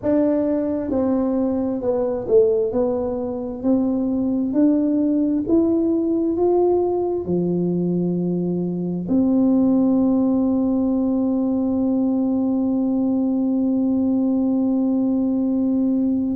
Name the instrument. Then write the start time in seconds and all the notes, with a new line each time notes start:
tuba
0.02 D4
0.90 C4
1.81 B3
2.27 A3
2.71 B3
3.62 C4
4.53 D4
5.48 E4
6.36 F4
7.25 F3
9.08 C4